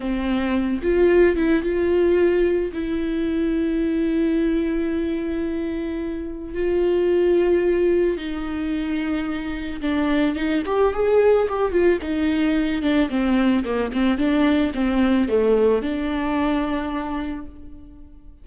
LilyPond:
\new Staff \with { instrumentName = "viola" } { \time 4/4 \tempo 4 = 110 c'4. f'4 e'8 f'4~ | f'4 e'2.~ | e'1 | f'2. dis'4~ |
dis'2 d'4 dis'8 g'8 | gis'4 g'8 f'8 dis'4. d'8 | c'4 ais8 c'8 d'4 c'4 | a4 d'2. | }